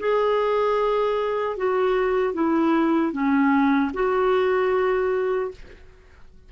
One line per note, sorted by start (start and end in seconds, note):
0.00 1.58 G#4
1.58 2.34 F#4
2.34 3.13 E4
3.13 3.92 C#4
3.94 5.52 F#4